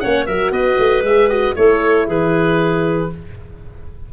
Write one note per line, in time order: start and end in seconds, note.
0.00 0.27 A#3
0.00 0.27 C#4
0.00 0.27 C#5
0.00 0.26 F#5
0.26 0.52 F#3
0.26 1.06 F#4
0.26 0.53 A#4
0.26 0.52 E5
0.52 0.77 B3
0.52 1.56 B4
0.52 1.04 D#5
0.79 1.01 A3
1.01 1.53 G#3
1.01 1.30 G#4
1.01 1.29 E5
1.29 1.56 F#4
1.29 1.55 D#5
1.56 2.08 A3
1.56 3.10 E4
1.56 2.07 A4
1.56 2.07 C#5
2.07 3.10 E3
2.07 3.10 G#4
2.07 3.13 B4